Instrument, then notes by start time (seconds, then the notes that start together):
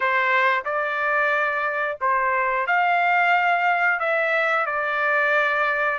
trumpet
0.00 C5
0.65 D5
2.00 C5
2.66 F5
3.99 E5
4.65 D5